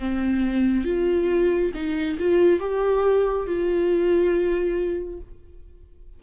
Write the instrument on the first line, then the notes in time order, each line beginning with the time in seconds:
viola
0.00 C4
0.85 F4
1.75 D#4
2.20 F4
2.60 G4
3.47 F4